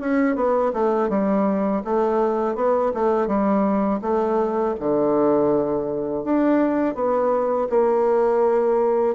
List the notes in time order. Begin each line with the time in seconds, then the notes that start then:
0.00 C#4
0.35 B3
0.73 A3
1.09 G3
1.84 A3
2.55 B3
2.94 A3
3.27 G3
4.02 A3
4.80 D3
6.24 D4
6.95 B3
7.70 A#3